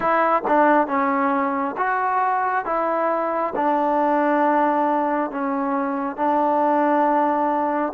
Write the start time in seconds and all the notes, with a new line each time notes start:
0.00 E4
0.47 D4
0.87 C#4
1.76 F#4
2.65 E4
3.55 D4
5.30 C#4
6.16 D4